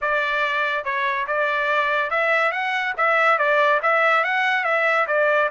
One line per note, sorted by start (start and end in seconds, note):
0.01 0.84 D5
0.84 1.26 C#5
1.27 2.10 D5
2.10 2.51 E5
2.51 2.93 F#5
2.97 3.38 E5
3.38 3.80 D5
3.82 4.23 E5
4.23 4.64 F#5
4.64 5.06 E5
5.07 5.49 D5